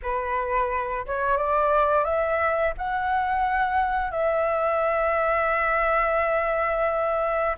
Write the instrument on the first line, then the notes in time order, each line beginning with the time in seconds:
flute
0.02 B4
1.06 C#5
1.37 D5
2.04 E5
2.77 F#5
4.11 E5